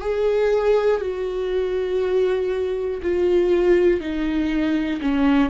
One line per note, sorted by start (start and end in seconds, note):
0.00 1.00 G#4
1.00 3.00 F#4
3.02 4.00 F4
4.00 5.00 D#4
5.01 5.49 C#4